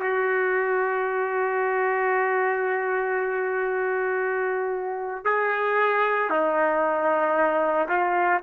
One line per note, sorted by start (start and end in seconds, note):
0.00 5.25 F#4
5.25 6.30 G#4
6.30 7.88 D#4
7.89 8.41 F4